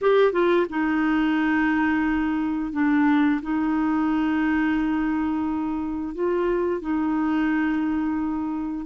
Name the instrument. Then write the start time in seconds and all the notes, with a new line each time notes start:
clarinet
0.01 G4
0.32 F4
0.69 D#4
2.72 D4
3.42 D#4
6.14 F4
6.81 D#4